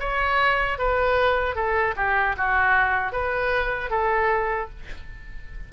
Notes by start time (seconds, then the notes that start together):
0.00 C#5
0.78 B4
1.55 A4
1.97 G4
2.37 F#4
3.12 B4
3.90 A4